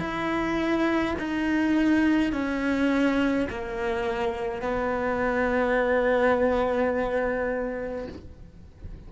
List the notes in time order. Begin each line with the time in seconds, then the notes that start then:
0.00 E4
1.19 D#4
2.33 C#4
3.50 A#3
4.62 B3